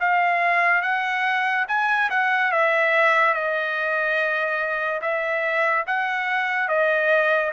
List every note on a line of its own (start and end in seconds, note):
0.00 0.82 F5
0.82 1.66 F#5
1.68 2.09 G#5
2.10 2.52 F#5
2.52 3.34 E5
3.34 5.01 D#5
5.02 5.85 E5
5.87 6.68 F#5
6.68 7.52 D#5